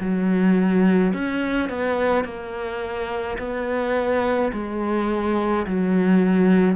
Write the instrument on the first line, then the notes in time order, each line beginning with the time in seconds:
cello
0.00 F#3
1.13 C#4
1.69 B3
2.24 A#3
3.38 B3
4.52 G#3
5.66 F#3